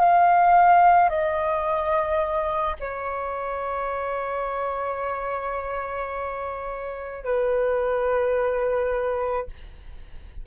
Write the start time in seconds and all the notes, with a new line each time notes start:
0.00 F5
1.10 D#5
2.80 C#5
7.25 B4